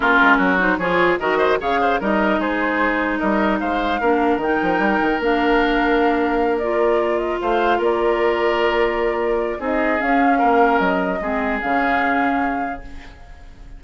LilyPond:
<<
  \new Staff \with { instrumentName = "flute" } { \time 4/4 \tempo 4 = 150 ais'4. c''8 cis''4 dis''4 | f''4 dis''4 c''2 | dis''4 f''2 g''4~ | g''4 f''2.~ |
f''8 d''4. dis''8 f''4 d''8~ | d''1 | dis''4 f''2 dis''4~ | dis''4 f''2. | }
  \new Staff \with { instrumentName = "oboe" } { \time 4/4 f'4 fis'4 gis'4 ais'8 c''8 | cis''8 c''8 ais'4 gis'2 | ais'4 c''4 ais'2~ | ais'1~ |
ais'2~ ais'8 c''4 ais'8~ | ais'1 | gis'2 ais'2 | gis'1 | }
  \new Staff \with { instrumentName = "clarinet" } { \time 4/4 cis'4. dis'8 f'4 fis'4 | gis'4 dis'2.~ | dis'2 d'4 dis'4~ | dis'4 d'2.~ |
d'8 f'2.~ f'8~ | f'1 | dis'4 cis'2. | c'4 cis'2. | }
  \new Staff \with { instrumentName = "bassoon" } { \time 4/4 ais8 gis8 fis4 f4 dis4 | cis4 g4 gis2 | g4 gis4 ais4 dis8 f8 | g8 dis8 ais2.~ |
ais2~ ais8 a4 ais8~ | ais1 | c'4 cis'4 ais4 fis4 | gis4 cis2. | }
>>